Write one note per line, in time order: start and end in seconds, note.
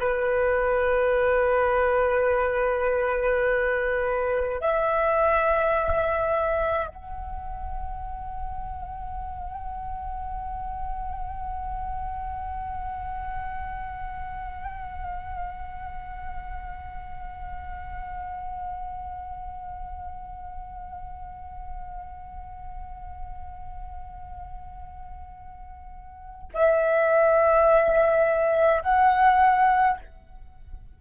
0.00 4.61 B4
4.61 6.88 E5
6.88 26.49 F#5
26.54 28.83 E5
28.83 29.98 F#5